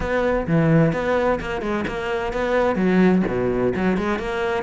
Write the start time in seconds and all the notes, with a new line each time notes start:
0.00 B3
0.47 E3
0.93 B3
1.40 A#3
1.61 G#3
1.87 A#3
2.32 B3
2.75 F#3
3.27 B2
3.75 F#3
3.97 G#3
4.18 A#3